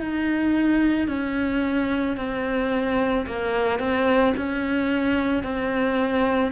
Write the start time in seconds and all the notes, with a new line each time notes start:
0.00 D#4
1.07 C#4
2.17 C4
3.26 A#3
3.79 C4
4.36 C#4
5.43 C4